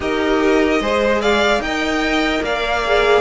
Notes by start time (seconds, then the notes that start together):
0.00 D#4 G4 A#4 D#5
0.80 G#3 G#4 C5
1.21 D5 F5
1.59 D#4 A#4 D#5 G5
2.42 A#3 D5 F5
2.84 G#4